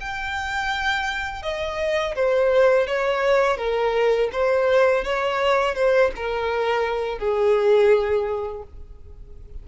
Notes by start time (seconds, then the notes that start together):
0.00 G5
1.43 D#5
2.15 C5
2.87 C#5
3.57 A#4
4.32 C5
5.04 C#5
5.75 C5
6.15 A#4
7.18 G#4